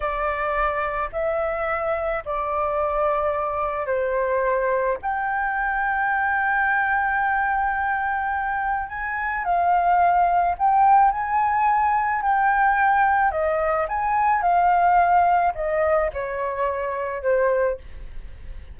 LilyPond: \new Staff \with { instrumentName = "flute" } { \time 4/4 \tempo 4 = 108 d''2 e''2 | d''2. c''4~ | c''4 g''2.~ | g''1 |
gis''4 f''2 g''4 | gis''2 g''2 | dis''4 gis''4 f''2 | dis''4 cis''2 c''4 | }